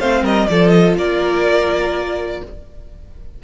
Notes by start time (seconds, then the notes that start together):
0.00 A3 C4 C5 F5
0.22 G3 A#4 D#5
0.48 F3 F4 A4 D5
0.69 D#5
0.96 A#3 A#4 D5